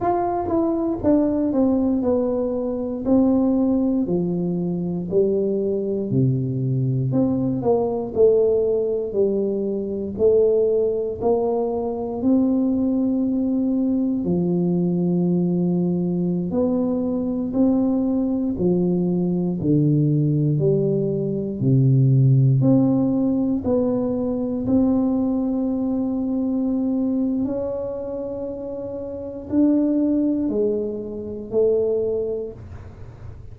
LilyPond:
\new Staff \with { instrumentName = "tuba" } { \time 4/4 \tempo 4 = 59 f'8 e'8 d'8 c'8 b4 c'4 | f4 g4 c4 c'8 ais8 | a4 g4 a4 ais4 | c'2 f2~ |
f16 b4 c'4 f4 d8.~ | d16 g4 c4 c'4 b8.~ | b16 c'2~ c'8. cis'4~ | cis'4 d'4 gis4 a4 | }